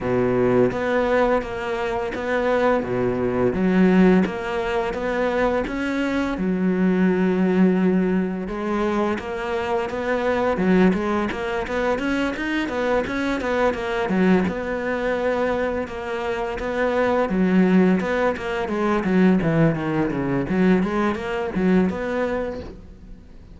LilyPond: \new Staff \with { instrumentName = "cello" } { \time 4/4 \tempo 4 = 85 b,4 b4 ais4 b4 | b,4 fis4 ais4 b4 | cis'4 fis2. | gis4 ais4 b4 fis8 gis8 |
ais8 b8 cis'8 dis'8 b8 cis'8 b8 ais8 | fis8 b2 ais4 b8~ | b8 fis4 b8 ais8 gis8 fis8 e8 | dis8 cis8 fis8 gis8 ais8 fis8 b4 | }